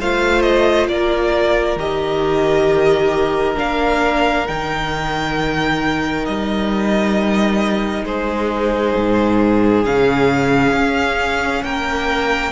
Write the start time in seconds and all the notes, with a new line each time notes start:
0.00 A3 F4 C5 F5
0.42 D#5
0.87 A#3 A#4 D5
1.76 D#3 G4 D#5
3.56 A#3 D4 F5
4.47 D#3 D#4 G5
6.26 G3 D#5
8.04 G#3 G#4 C5
8.96 G#2
9.84 C#3 C#4 F5
10.73 C#4
11.63 A#3 A#4 G5